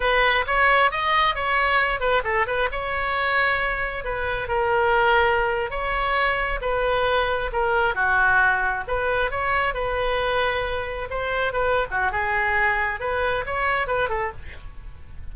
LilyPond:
\new Staff \with { instrumentName = "oboe" } { \time 4/4 \tempo 4 = 134 b'4 cis''4 dis''4 cis''4~ | cis''8 b'8 a'8 b'8 cis''2~ | cis''4 b'4 ais'2~ | ais'8. cis''2 b'4~ b'16~ |
b'8. ais'4 fis'2 b'16~ | b'8. cis''4 b'2~ b'16~ | b'8. c''4 b'8. fis'8 gis'4~ | gis'4 b'4 cis''4 b'8 a'8 | }